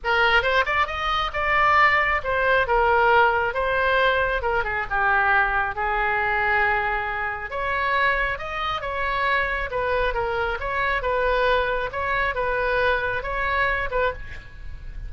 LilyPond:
\new Staff \with { instrumentName = "oboe" } { \time 4/4 \tempo 4 = 136 ais'4 c''8 d''8 dis''4 d''4~ | d''4 c''4 ais'2 | c''2 ais'8 gis'8 g'4~ | g'4 gis'2.~ |
gis'4 cis''2 dis''4 | cis''2 b'4 ais'4 | cis''4 b'2 cis''4 | b'2 cis''4. b'8 | }